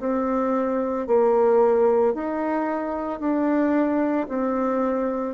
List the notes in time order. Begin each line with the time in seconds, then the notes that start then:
0.00 C4
1.07 A#3
2.14 D#4
3.20 D4
4.29 C4